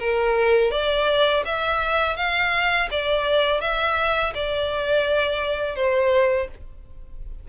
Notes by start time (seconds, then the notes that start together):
0.00 A#4
0.72 D5
1.46 E5
2.17 F5
2.91 D5
3.61 E5
4.35 D5
5.76 C5